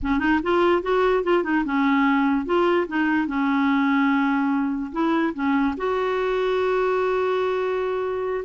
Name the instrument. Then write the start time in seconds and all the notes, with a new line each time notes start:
clarinet
0.02 C#4
0.19 D#4
0.42 F4
0.82 F#4
1.23 F4
1.43 D#4
1.64 C#4
2.45 F4
2.87 D#4
3.27 C#4
4.92 E4
5.33 C#4
5.77 F#4